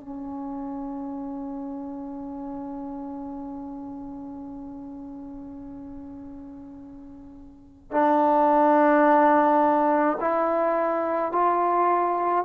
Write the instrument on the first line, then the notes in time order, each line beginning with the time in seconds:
trombone
0.00 C#4
7.91 D4
10.20 E4
11.32 F4